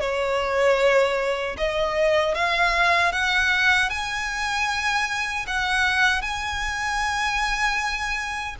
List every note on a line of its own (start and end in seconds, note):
0.00 1.56 C#5
1.57 2.34 D#5
2.34 3.12 F5
3.12 3.90 F#5
3.90 5.45 G#5
5.47 6.22 F#5
6.22 8.55 G#5